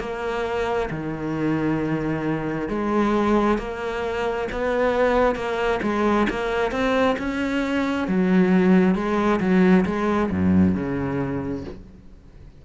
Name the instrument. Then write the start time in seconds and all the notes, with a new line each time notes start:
cello
0.00 A#3
0.91 D#3
2.69 G#3
3.59 A#3
4.52 B3
5.36 A#3
5.83 G#3
6.30 A#3
6.72 C4
7.19 C#4
8.08 F#3
8.95 G#3
9.41 F#3
9.86 G#3
10.31 F#2
10.75 C#3